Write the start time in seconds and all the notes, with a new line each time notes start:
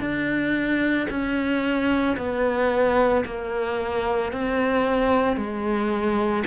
0.00 D4
1.09 C#4
2.17 B3
3.25 A#3
4.32 C4
5.36 G#3